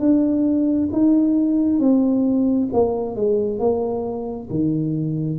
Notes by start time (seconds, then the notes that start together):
0.00 D4
0.92 D#4
1.80 C4
2.73 A#3
3.16 G#3
3.60 A#3
4.50 D#3